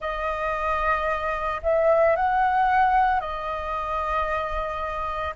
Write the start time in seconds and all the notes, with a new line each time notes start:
0.00 D#5
1.63 E5
2.16 F#5
3.20 D#5